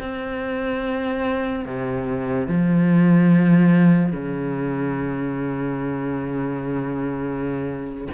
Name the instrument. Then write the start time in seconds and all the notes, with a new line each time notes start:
cello
0.00 C4
1.66 C3
2.47 F3
4.12 C#3